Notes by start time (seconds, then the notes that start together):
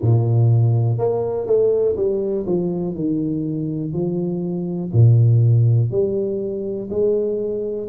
0.01 A#2
0.97 A#3
1.46 A3
1.96 G3
2.46 F3
2.94 D#3
3.93 F3
4.92 A#2
5.91 G3
6.89 G#3